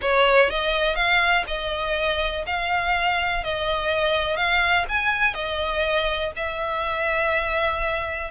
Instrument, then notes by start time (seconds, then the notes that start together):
violin
0.01 C#5
0.50 D#5
0.95 F5
1.47 D#5
2.46 F5
3.43 D#5
4.36 F5
4.88 G#5
5.34 D#5
6.36 E5